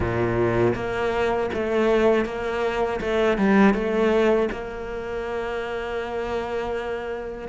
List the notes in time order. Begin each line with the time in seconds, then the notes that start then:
0.00 A#2
0.75 A#3
1.53 A3
2.25 A#3
3.00 A3
3.37 G3
3.73 A3
4.51 A#3